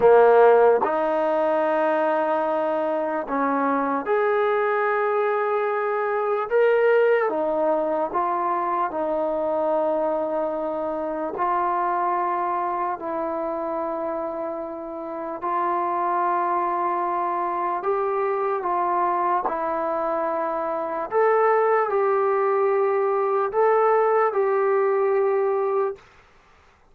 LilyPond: \new Staff \with { instrumentName = "trombone" } { \time 4/4 \tempo 4 = 74 ais4 dis'2. | cis'4 gis'2. | ais'4 dis'4 f'4 dis'4~ | dis'2 f'2 |
e'2. f'4~ | f'2 g'4 f'4 | e'2 a'4 g'4~ | g'4 a'4 g'2 | }